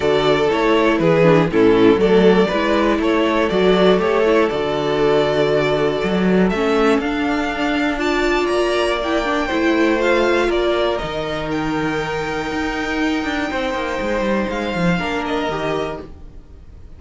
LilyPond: <<
  \new Staff \with { instrumentName = "violin" } { \time 4/4 \tempo 4 = 120 d''4 cis''4 b'4 a'4 | d''2 cis''4 d''4 | cis''4 d''2.~ | d''4 e''4 f''2 |
a''4 ais''4 g''2 | f''4 d''4 dis''4 g''4~ | g''1~ | g''4 f''4. dis''4. | }
  \new Staff \with { instrumentName = "violin" } { \time 4/4 a'2 gis'4 e'4 | a'4 b'4 a'2~ | a'1~ | a'1 |
d''2. c''4~ | c''4 ais'2.~ | ais'2. c''4~ | c''2 ais'2 | }
  \new Staff \with { instrumentName = "viola" } { \time 4/4 fis'4 e'4. d'8 cis'4 | a4 e'2 fis'4 | g'8 e'8 fis'2.~ | fis'4 cis'4 d'2 |
f'2 e'8 d'8 e'4 | f'2 dis'2~ | dis'1~ | dis'2 d'4 g'4 | }
  \new Staff \with { instrumentName = "cello" } { \time 4/4 d4 a4 e4 a,4 | fis4 gis4 a4 fis4 | a4 d2. | fis4 a4 d'2~ |
d'4 ais2 a4~ | a4 ais4 dis2~ | dis4 dis'4. d'8 c'8 ais8 | gis8 g8 gis8 f8 ais4 dis4 | }
>>